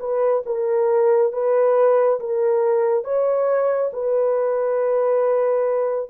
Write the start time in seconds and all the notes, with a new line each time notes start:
0.00 B4
0.46 A#4
1.33 B4
2.20 A#4
3.04 C#5
3.94 B4